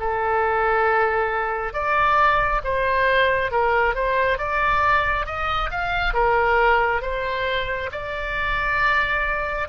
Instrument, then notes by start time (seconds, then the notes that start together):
oboe
0.00 A4
1.73 D5
2.64 C5
3.51 A#4
3.95 C5
4.38 D5
5.26 D#5
5.71 F5
6.14 A#4
7.02 C5
7.92 D5